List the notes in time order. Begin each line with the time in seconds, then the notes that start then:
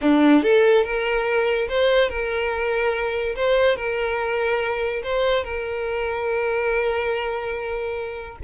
0.01 D4
0.43 A4
0.84 A#4
1.68 C5
2.09 A#4
3.35 C5
3.76 A#4
5.03 C5
5.44 A#4